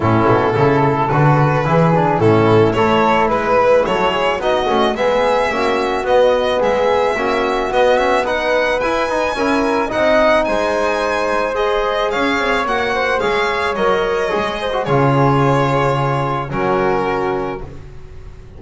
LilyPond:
<<
  \new Staff \with { instrumentName = "violin" } { \time 4/4 \tempo 4 = 109 a'2 b'2 | a'4 cis''4 b'4 cis''4 | dis''4 e''2 dis''4 | e''2 dis''8 e''8 fis''4 |
gis''2 fis''4 gis''4~ | gis''4 dis''4 f''4 fis''4 | f''4 dis''2 cis''4~ | cis''2 ais'2 | }
  \new Staff \with { instrumentName = "flute" } { \time 4/4 e'4 a'2 gis'4 | e'4 a'4 b'4 a'8 gis'8 | fis'4 gis'4 fis'2 | gis'4 fis'2 b'4~ |
b'4 ais'4 dis''4 c''4~ | c''2 cis''4. c''8 | cis''2~ cis''8 c''8 gis'4~ | gis'2 fis'2 | }
  \new Staff \with { instrumentName = "trombone" } { \time 4/4 cis'4 e'4 fis'4 e'8 d'8 | cis'4 e'2. | dis'8 cis'8 b4 cis'4 b4~ | b4 cis'4 b8 cis'8 dis'4 |
e'8 dis'8 e'4 dis'2~ | dis'4 gis'2 fis'4 | gis'4 ais'4 gis'8. fis'16 f'4~ | f'2 cis'2 | }
  \new Staff \with { instrumentName = "double bass" } { \time 4/4 a,8 b,8 cis4 d4 e4 | a,4 a4 gis4 fis4 | b8 a8 gis4 ais4 b4 | gis4 ais4 b2 |
e'8 dis'8 cis'4 c'4 gis4~ | gis2 cis'8 c'8 ais4 | gis4 fis4 gis4 cis4~ | cis2 fis2 | }
>>